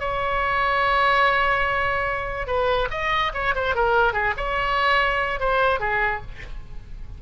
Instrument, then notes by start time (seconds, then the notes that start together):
oboe
0.00 C#5
2.47 B4
2.91 D#5
3.34 C#5
3.55 C5
3.75 A#4
4.13 G#4
4.37 C#5
5.40 C5
5.80 G#4